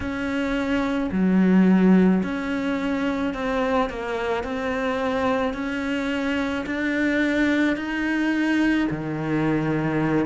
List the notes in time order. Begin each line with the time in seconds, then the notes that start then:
0.00 C#4
1.11 F#3
2.23 C#4
3.33 C4
3.89 A#3
4.43 C4
5.53 C#4
6.66 D4
7.76 D#4
8.90 D#3